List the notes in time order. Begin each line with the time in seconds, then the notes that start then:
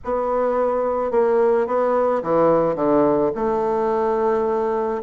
0.04 B3
1.11 A#3
1.66 B3
2.22 E3
2.75 D3
3.35 A3